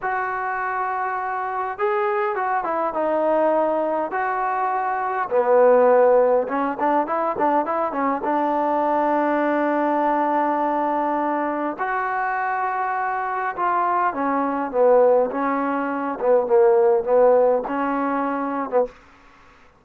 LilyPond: \new Staff \with { instrumentName = "trombone" } { \time 4/4 \tempo 4 = 102 fis'2. gis'4 | fis'8 e'8 dis'2 fis'4~ | fis'4 b2 cis'8 d'8 | e'8 d'8 e'8 cis'8 d'2~ |
d'1 | fis'2. f'4 | cis'4 b4 cis'4. b8 | ais4 b4 cis'4.~ cis'16 b16 | }